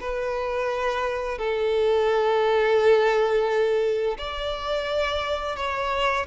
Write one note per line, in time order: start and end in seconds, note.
0.00 1.38 B4
1.38 4.17 A4
4.18 5.56 D5
5.56 6.26 C#5